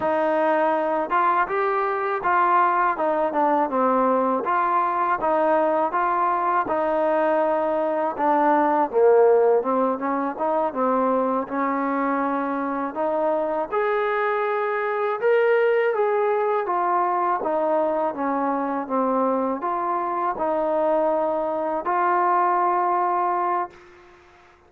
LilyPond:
\new Staff \with { instrumentName = "trombone" } { \time 4/4 \tempo 4 = 81 dis'4. f'8 g'4 f'4 | dis'8 d'8 c'4 f'4 dis'4 | f'4 dis'2 d'4 | ais4 c'8 cis'8 dis'8 c'4 cis'8~ |
cis'4. dis'4 gis'4.~ | gis'8 ais'4 gis'4 f'4 dis'8~ | dis'8 cis'4 c'4 f'4 dis'8~ | dis'4. f'2~ f'8 | }